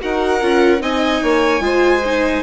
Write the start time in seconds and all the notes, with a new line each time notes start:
0.00 D#4 F#4 A#4 F#5
0.41 C#4 F4
0.80 C4 D#4 D#5 G#5
1.22 A#3 C#5
1.60 G#3 F4 C5
2.05 D#4